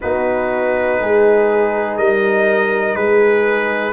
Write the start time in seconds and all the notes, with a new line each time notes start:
0.01 B3 D#4 F#4 B4
1.00 G#3 G#4
1.97 G3 A#4 D#5
2.95 G#3 G#4 B4